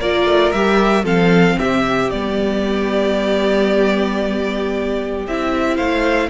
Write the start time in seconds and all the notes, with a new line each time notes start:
0.00 A#3 F4 A#4 D5
0.26 A3
0.52 G3 G4 E5
1.04 F3 C4 A4 F5
1.57 C3 G4 E5
2.11 G3 B3 D5
5.27 C4 E4 E5
5.76 A3 C5 F5